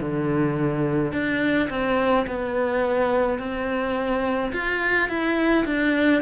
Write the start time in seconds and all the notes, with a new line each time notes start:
0.00 D3
1.12 D4
1.69 C4
2.26 B3
3.39 C4
4.52 F4
5.08 E4
5.65 D4